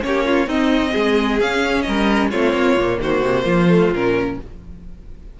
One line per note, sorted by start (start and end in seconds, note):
0.00 0.46 A#3
0.00 0.46 C#4
0.00 0.49 C#5
0.07 0.25 G4
0.25 0.47 F4
0.46 0.92 C4
0.46 1.40 C4
0.46 0.92 D#4
0.46 1.40 D#5
0.92 1.41 G#3
0.92 1.84 G#4
1.40 2.32 C#4
1.40 1.86 C#4
1.40 1.82 F5
1.82 2.33 G3
1.82 2.30 A#4
1.82 2.28 D#5
2.30 2.52 A3
2.30 2.78 C4
2.30 2.99 F4
2.30 3.00 C#5
2.52 2.75 A#3
2.76 2.99 A#2
2.76 3.69 A#3
3.00 3.21 D#3
3.00 3.45 F#4
3.00 3.94 C5
3.21 3.44 C3
3.45 3.90 F3
3.45 4.36 F4
3.69 3.92 A3
3.91 4.37 A#2
3.91 4.40 C#4
3.91 4.40 A#4